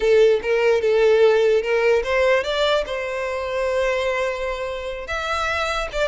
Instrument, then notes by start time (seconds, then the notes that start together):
violin
0.00 A4
0.42 A#4
0.81 A4
1.62 A#4
2.03 C5
2.43 D5
2.86 C5
5.07 E5
5.92 D5